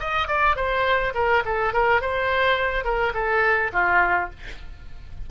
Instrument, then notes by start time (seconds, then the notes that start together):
oboe
0.00 D#5
0.28 D5
0.56 C5
1.15 A#4
1.45 A4
1.73 A#4
2.01 C5
2.84 A#4
3.14 A4
3.72 F4